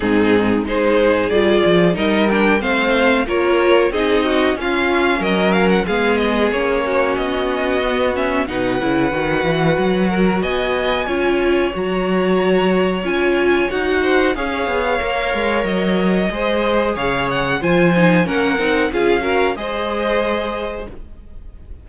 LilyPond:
<<
  \new Staff \with { instrumentName = "violin" } { \time 4/4 \tempo 4 = 92 gis'4 c''4 d''4 dis''8 g''8 | f''4 cis''4 dis''4 f''4 | dis''8 f''16 fis''16 f''8 dis''8 cis''4 dis''4~ | dis''8 e''8 fis''2. |
gis''2 ais''2 | gis''4 fis''4 f''2 | dis''2 f''8 fis''8 gis''4 | fis''4 f''4 dis''2 | }
  \new Staff \with { instrumentName = "violin" } { \time 4/4 dis'4 gis'2 ais'4 | c''4 ais'4 gis'8 fis'8 f'4 | ais'4 gis'4. fis'4.~ | fis'4 b'2~ b'8 ais'8 |
dis''4 cis''2.~ | cis''4. c''8 cis''2~ | cis''4 c''4 cis''4 c''4 | ais'4 gis'8 ais'8 c''2 | }
  \new Staff \with { instrumentName = "viola" } { \time 4/4 c'4 dis'4 f'4 dis'8 d'8 | c'4 f'4 dis'4 cis'4~ | cis'4 b4 cis'2 | b8 cis'8 dis'8 e'8 fis'2~ |
fis'4 f'4 fis'2 | f'4 fis'4 gis'4 ais'4~ | ais'4 gis'2 f'8 dis'8 | cis'8 dis'8 f'8 fis'8 gis'2 | }
  \new Staff \with { instrumentName = "cello" } { \time 4/4 gis,4 gis4 g8 f8 g4 | a4 ais4 c'4 cis'4 | fis4 gis4 ais4 b4~ | b4 b,8 cis8 dis8 e8 fis4 |
b4 cis'4 fis2 | cis'4 dis'4 cis'8 b8 ais8 gis8 | fis4 gis4 cis4 f4 | ais8 c'8 cis'4 gis2 | }
>>